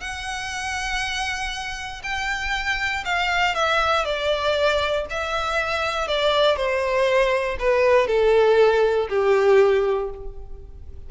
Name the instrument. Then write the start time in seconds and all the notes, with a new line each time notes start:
violin
0.00 F#5
2.03 G5
3.04 F5
3.55 E5
4.05 D5
5.10 E5
6.07 D5
6.56 C5
7.59 B4
8.07 A4
9.09 G4